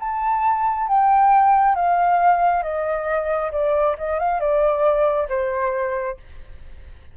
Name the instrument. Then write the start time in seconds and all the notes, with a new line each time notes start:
flute
0.00 A5
0.87 G5
1.75 F5
2.63 D#5
3.52 D5
3.98 D#5
4.20 F5
4.40 D5
5.29 C5